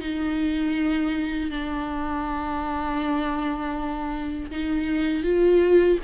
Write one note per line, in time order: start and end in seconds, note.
0.00 1.50 D#4
1.50 4.50 D4
4.51 5.23 D#4
5.23 5.98 F4